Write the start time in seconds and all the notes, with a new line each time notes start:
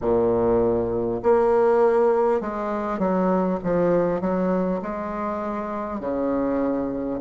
0.01 A#2
1.23 A#3
2.40 G#3
2.98 F#3
3.63 F3
4.21 F#3
4.82 G#3
6.00 C#3